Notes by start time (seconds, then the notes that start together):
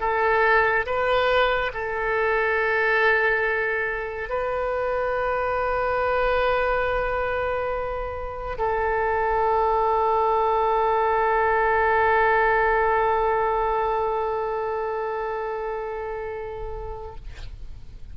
0.00 A4
0.86 B4
1.73 A4
4.29 B4
8.58 A4